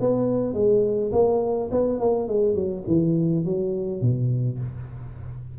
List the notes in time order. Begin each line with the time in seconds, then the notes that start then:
0.00 B3
0.53 G#3
1.12 A#3
1.71 B3
1.99 A#3
2.28 G#3
2.55 F#3
2.87 E3
3.45 F#3
4.01 B2